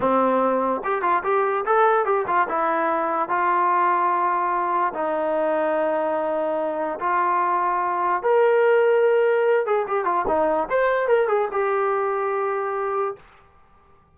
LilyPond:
\new Staff \with { instrumentName = "trombone" } { \time 4/4 \tempo 4 = 146 c'2 g'8 f'8 g'4 | a'4 g'8 f'8 e'2 | f'1 | dis'1~ |
dis'4 f'2. | ais'2.~ ais'8 gis'8 | g'8 f'8 dis'4 c''4 ais'8 gis'8 | g'1 | }